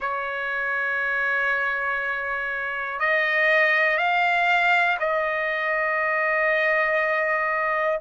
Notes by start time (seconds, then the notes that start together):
0.00 C#5
2.99 D#5
3.97 F5
4.99 D#5